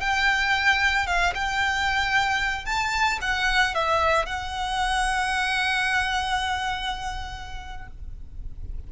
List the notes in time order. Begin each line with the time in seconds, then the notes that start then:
0.00 G5
1.07 F5
1.35 G5
2.65 A5
3.21 F#5
3.75 E5
4.26 F#5